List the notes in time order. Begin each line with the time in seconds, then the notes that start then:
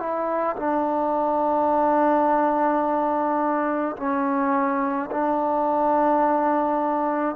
0.00 E4
0.57 D4
3.97 C#4
5.11 D4